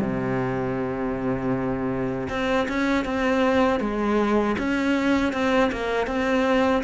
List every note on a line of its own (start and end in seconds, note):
0.00 2.28 C3
2.29 2.67 C4
2.68 3.05 C#4
3.05 3.80 C4
3.80 4.56 G#3
4.58 5.32 C#4
5.32 5.70 C4
5.72 6.07 A#3
6.07 6.83 C4